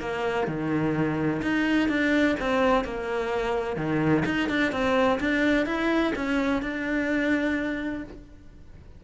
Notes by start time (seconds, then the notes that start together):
0.00 A#3
0.47 D#3
1.42 D#4
1.89 D4
2.40 C4
2.84 A#3
3.76 D#3
4.25 D#4
4.49 D4
4.72 C4
5.20 D4
5.66 E4
6.15 C#4
6.62 D4